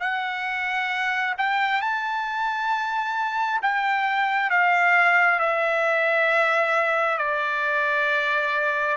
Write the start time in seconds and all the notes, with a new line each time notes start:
0.00 F#5
1.38 G5
1.81 A5
3.62 G5
4.50 F5
5.39 E5
7.18 D5